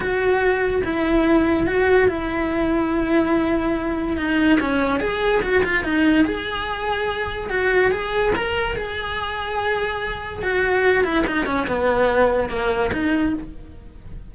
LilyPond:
\new Staff \with { instrumentName = "cello" } { \time 4/4 \tempo 4 = 144 fis'2 e'2 | fis'4 e'2.~ | e'2 dis'4 cis'4 | gis'4 fis'8 f'8 dis'4 gis'4~ |
gis'2 fis'4 gis'4 | ais'4 gis'2.~ | gis'4 fis'4. e'8 dis'8 cis'8 | b2 ais4 dis'4 | }